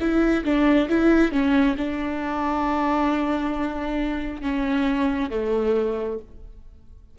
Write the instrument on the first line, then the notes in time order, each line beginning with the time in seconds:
viola
0.00 E4
0.45 D4
0.89 E4
1.32 C#4
1.77 D4
4.42 C#4
5.30 A3